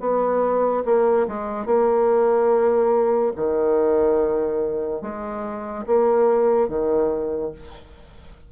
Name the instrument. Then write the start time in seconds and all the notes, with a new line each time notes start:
bassoon
0.00 B3
0.85 A#3
1.28 G#3
1.66 A#3
3.36 D#3
5.02 G#3
5.86 A#3
6.68 D#3